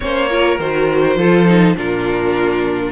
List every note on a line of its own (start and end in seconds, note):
0.00 0.59 A#3
0.00 0.29 C#4
0.00 0.29 C5
0.00 0.58 C#5
0.29 0.59 F4
0.29 1.17 A#4
0.59 1.16 D#3
0.59 1.18 F#4
0.59 1.77 C5
1.16 1.75 F3
1.16 1.46 F4
1.16 1.76 A4
1.46 1.75 D#4
1.76 2.92 A#2
1.76 2.92 D4
1.76 2.92 F4
1.76 2.92 A#4